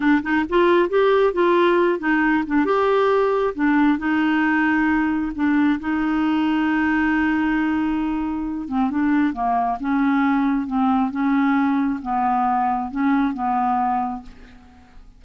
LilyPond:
\new Staff \with { instrumentName = "clarinet" } { \time 4/4 \tempo 4 = 135 d'8 dis'8 f'4 g'4 f'4~ | f'8 dis'4 d'8 g'2 | d'4 dis'2. | d'4 dis'2.~ |
dis'2.~ dis'8 c'8 | d'4 ais4 cis'2 | c'4 cis'2 b4~ | b4 cis'4 b2 | }